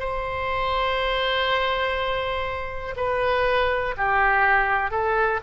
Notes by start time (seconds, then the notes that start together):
0.00 C5
2.97 B4
3.97 G4
4.91 A4